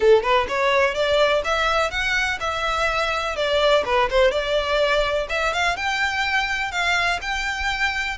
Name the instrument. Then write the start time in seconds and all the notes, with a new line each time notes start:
violin
0.00 A4
0.22 B4
0.48 C#5
0.94 D5
1.44 E5
1.90 F#5
2.40 E5
3.36 D5
3.85 B4
4.10 C5
4.31 D5
5.29 E5
5.53 F5
5.76 G5
6.71 F5
7.21 G5